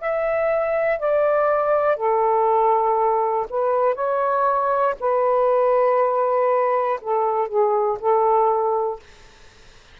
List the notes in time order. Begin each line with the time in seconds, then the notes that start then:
0.00 E5
0.99 D5
1.96 A4
3.50 B4
3.95 C#5
5.00 B4
7.01 A4
7.48 G#4
8.00 A4